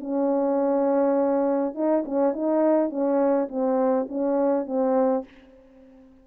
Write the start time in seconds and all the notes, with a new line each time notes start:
0.00 C#4
1.74 D#4
2.05 C#4
2.32 D#4
2.89 C#4
3.48 C4
4.08 C#4
4.66 C4